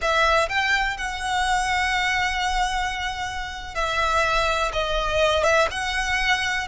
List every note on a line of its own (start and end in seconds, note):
0.01 0.48 E5
0.48 0.97 G5
0.97 3.74 F#5
3.74 4.71 E5
4.73 5.43 D#5
5.43 5.67 E5
5.71 6.67 F#5